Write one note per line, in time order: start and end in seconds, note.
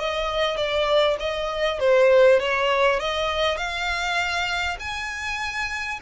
0.00 0.57 D#5
0.57 1.17 D5
1.20 1.80 D#5
1.80 2.40 C5
2.40 3.00 C#5
3.00 3.58 D#5
3.58 4.78 F5
4.80 6.00 G#5